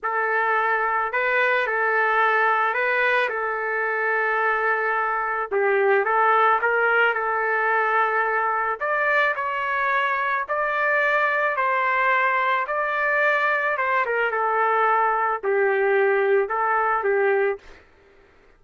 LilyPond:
\new Staff \with { instrumentName = "trumpet" } { \time 4/4 \tempo 4 = 109 a'2 b'4 a'4~ | a'4 b'4 a'2~ | a'2 g'4 a'4 | ais'4 a'2. |
d''4 cis''2 d''4~ | d''4 c''2 d''4~ | d''4 c''8 ais'8 a'2 | g'2 a'4 g'4 | }